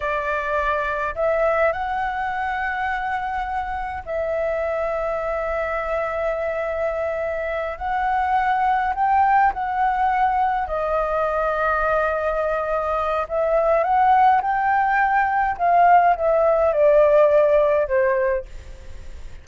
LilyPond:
\new Staff \with { instrumentName = "flute" } { \time 4/4 \tempo 4 = 104 d''2 e''4 fis''4~ | fis''2. e''4~ | e''1~ | e''4. fis''2 g''8~ |
g''8 fis''2 dis''4.~ | dis''2. e''4 | fis''4 g''2 f''4 | e''4 d''2 c''4 | }